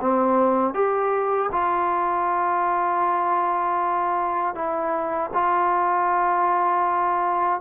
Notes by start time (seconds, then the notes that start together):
0.00 C4
0.74 G4
1.52 F4
4.54 E4
5.33 F4